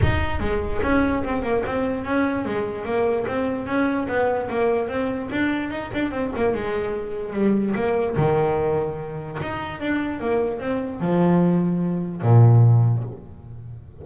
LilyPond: \new Staff \with { instrumentName = "double bass" } { \time 4/4 \tempo 4 = 147 dis'4 gis4 cis'4 c'8 ais8 | c'4 cis'4 gis4 ais4 | c'4 cis'4 b4 ais4 | c'4 d'4 dis'8 d'8 c'8 ais8 |
gis2 g4 ais4 | dis2. dis'4 | d'4 ais4 c'4 f4~ | f2 ais,2 | }